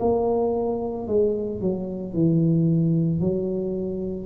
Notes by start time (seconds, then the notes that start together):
0.00 A#3
1.07 G#3
1.61 F#3
2.14 E3
3.20 F#3